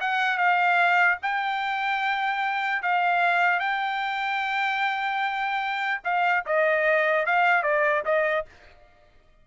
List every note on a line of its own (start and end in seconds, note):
0.00 0.37 F#5
0.37 1.18 F5
1.22 2.82 G5
2.82 3.59 F5
3.59 6.01 G5
6.03 6.44 F5
6.45 7.26 D#5
7.26 7.62 F5
7.62 8.03 D5
8.05 8.45 D#5